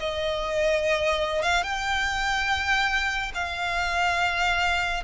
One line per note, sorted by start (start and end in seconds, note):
0.00 1.43 D#5
1.43 1.63 F5
1.63 3.32 G5
3.35 5.04 F5